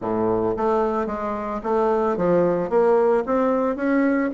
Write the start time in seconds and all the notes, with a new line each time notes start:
0.01 A2
0.56 A3
1.06 G#3
1.63 A3
2.16 F3
2.69 A#3
3.26 C4
3.75 C#4